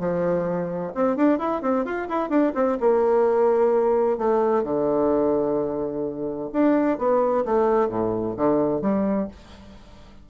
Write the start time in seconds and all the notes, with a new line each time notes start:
0.00 F3
0.95 C4
1.17 D4
1.39 E4
1.62 C4
1.85 F4
2.09 E4
2.30 D4
2.55 C4
2.81 A#3
4.18 A3
4.64 D3
6.53 D4
6.99 B3
7.46 A3
7.89 A2
8.37 D3
8.82 G3